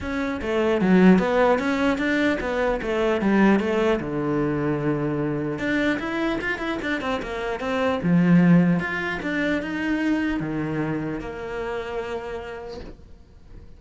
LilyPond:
\new Staff \with { instrumentName = "cello" } { \time 4/4 \tempo 4 = 150 cis'4 a4 fis4 b4 | cis'4 d'4 b4 a4 | g4 a4 d2~ | d2 d'4 e'4 |
f'8 e'8 d'8 c'8 ais4 c'4 | f2 f'4 d'4 | dis'2 dis2 | ais1 | }